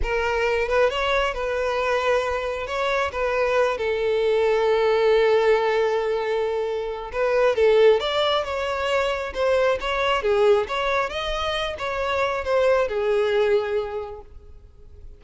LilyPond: \new Staff \with { instrumentName = "violin" } { \time 4/4 \tempo 4 = 135 ais'4. b'8 cis''4 b'4~ | b'2 cis''4 b'4~ | b'8 a'2.~ a'8~ | a'1 |
b'4 a'4 d''4 cis''4~ | cis''4 c''4 cis''4 gis'4 | cis''4 dis''4. cis''4. | c''4 gis'2. | }